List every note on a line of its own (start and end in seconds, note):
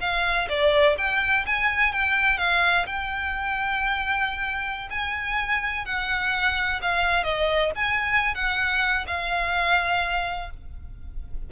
0.00 0.48 F5
0.49 0.96 D5
0.97 1.45 G5
1.46 1.92 G#5
1.92 2.38 G5
2.38 2.85 F5
2.86 4.88 G5
4.90 5.85 G#5
5.85 6.80 F#5
6.82 7.24 F5
7.24 7.71 D#5
7.75 8.34 G#5
8.34 9.06 F#5
9.07 10.50 F5